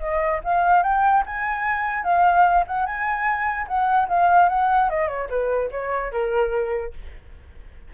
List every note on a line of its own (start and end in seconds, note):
0.00 0.41 D#5
0.44 0.83 F5
0.83 1.23 G5
1.26 2.04 G#5
2.04 2.64 F5
2.67 2.86 F#5
2.86 3.67 G#5
3.68 4.08 F#5
4.08 4.49 F5
4.49 4.90 F#5
4.90 5.08 D#5
5.08 5.29 C#5
5.30 5.70 B4
5.71 6.12 C#5
6.12 6.93 A#4